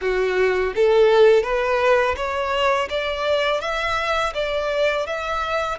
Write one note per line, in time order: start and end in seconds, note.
0.01 0.73 F#4
0.75 1.43 A4
1.43 2.15 B4
2.16 2.88 C#5
2.89 3.60 D5
3.60 4.33 E5
4.34 5.06 D5
5.06 5.78 E5